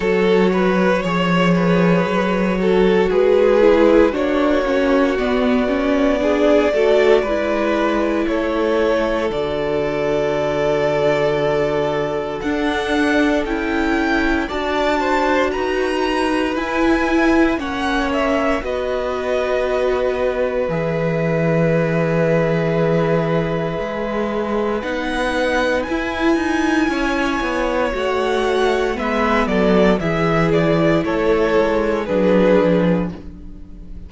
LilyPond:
<<
  \new Staff \with { instrumentName = "violin" } { \time 4/4 \tempo 4 = 58 cis''2. b'4 | cis''4 d''2. | cis''4 d''2. | fis''4 g''4 a''4 ais''4 |
gis''4 fis''8 e''8 dis''2 | e''1 | fis''4 gis''2 fis''4 | e''8 d''8 e''8 d''8 cis''4 b'4 | }
  \new Staff \with { instrumentName = "violin" } { \time 4/4 a'8 b'8 cis''8 b'4 a'8 gis'4 | fis'2 gis'8 a'8 b'4 | a'1~ | a'2 d''8 c''8 b'4~ |
b'4 cis''4 b'2~ | b'1~ | b'2 cis''2 | b'8 a'8 gis'4 a'4 gis'4 | }
  \new Staff \with { instrumentName = "viola" } { \time 4/4 fis'4 gis'4. fis'4 e'8 | d'8 cis'8 b8 cis'8 d'8 fis'8 e'4~ | e'4 fis'2. | d'4 e'4 fis'2 |
e'4 cis'4 fis'2 | gis'1 | dis'4 e'2 fis'4 | b4 e'2 d'4 | }
  \new Staff \with { instrumentName = "cello" } { \time 4/4 fis4 f4 fis4 gis4 | ais4 b4. a8 gis4 | a4 d2. | d'4 cis'4 d'4 dis'4 |
e'4 ais4 b2 | e2. gis4 | b4 e'8 dis'8 cis'8 b8 a4 | gis8 fis8 e4 a8 gis8 fis8 f8 | }
>>